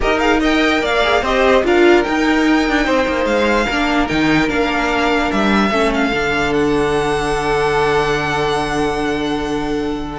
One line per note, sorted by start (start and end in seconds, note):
0.00 0.82 D#4
0.00 0.19 G4
0.00 0.40 A#4
0.00 0.19 D#5
0.19 0.40 G#4
0.19 0.39 F5
0.40 1.02 A#4
0.40 0.80 D#5
0.40 0.84 G5
0.81 1.22 A#3
0.81 1.21 D5
0.81 1.24 F5
1.03 1.23 G#4
1.21 1.63 C4
1.21 1.64 G4
1.21 1.62 C5
1.21 1.65 D#5
1.64 2.04 D4
1.64 2.04 F4
1.64 2.84 A#4
1.64 2.03 F5
2.03 3.67 D#4
2.03 2.69 D#4
2.03 3.25 G5
2.69 2.86 D4
2.84 3.07 C4
2.84 3.65 C5
3.07 3.25 A#3
3.25 3.66 G#3
3.25 4.06 F5
3.65 4.10 A#3
3.65 4.09 D4
3.65 5.69 A#4
4.08 4.49 D#3
4.08 4.47 D#4
4.08 4.49 G5
4.47 5.30 A#3
4.47 5.70 D4
4.47 5.31 F5
5.31 5.70 G3
5.31 5.92 E5
5.70 6.11 A3
5.70 6.12 C#4
5.70 10.18 A4
5.94 6.53 F5
6.12 10.18 D3
6.12 10.18 D4
6.53 10.18 F#5